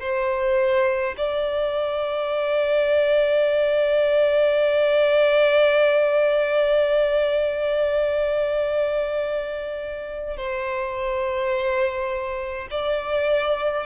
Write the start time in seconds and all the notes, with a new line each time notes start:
0.00 C5
1.17 D5
10.36 C5
12.70 D5